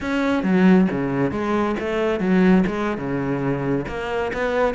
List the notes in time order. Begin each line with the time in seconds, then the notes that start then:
0.00 C#4
0.43 F#3
0.90 C#3
1.31 G#3
1.79 A3
2.20 F#3
2.66 G#3
2.97 C#3
3.88 A#3
4.33 B3